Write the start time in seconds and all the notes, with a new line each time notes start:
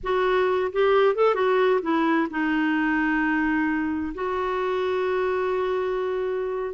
0.03 F#4
0.72 G4
1.15 A4
1.34 F#4
1.82 E4
2.30 D#4
4.14 F#4